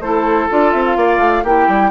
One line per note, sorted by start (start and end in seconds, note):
0.00 0.47 A3
0.00 0.49 E4
0.00 0.97 A4
0.00 0.48 C5
0.49 0.73 D4
0.49 1.44 F4
0.49 0.71 D5
0.71 0.96 C4
0.71 0.82 E5
0.86 1.45 F5
0.96 1.18 A#3
0.96 1.43 D5
1.18 1.42 A3
1.43 1.67 A#3
1.43 1.90 E4
1.43 1.90 G4
1.43 1.90 G5
1.68 1.90 G3